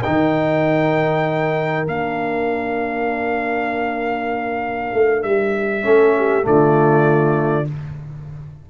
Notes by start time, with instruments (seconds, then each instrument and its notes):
0.00 trombone D#4, horn A#4, trumpet G5
0.07 tuba D#3
1.85 tuba A#3, trombone D4, trumpet F5
4.94 tuba A3
5.23 tuba G3, trumpet E5
5.83 tuba A3, trombone C#4, horn A4
6.18 horn G4
6.42 tuba D3, trombone A3, horn F4, trumpet D5